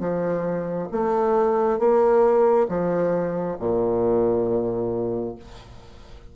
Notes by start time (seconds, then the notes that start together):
0.00 F3
0.92 A3
1.79 A#3
2.69 F3
3.59 A#2